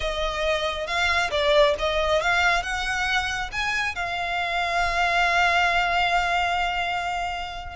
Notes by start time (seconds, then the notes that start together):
0.00 D#5
0.86 F5
1.30 D5
1.79 D#5
2.21 F5
2.62 F#5
3.52 G#5
3.95 F5